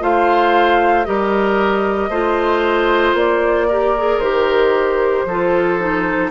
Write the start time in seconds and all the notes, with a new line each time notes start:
0.00 A3 F4 C5 F5
1.04 G3 G4 A#4 D#5
2.09 A3 F4 C5
3.13 A#3 D5
3.67 G4 A#4
3.97 G#4
4.19 D#3 G4 C5
5.25 F3 F4 A4
5.79 D#4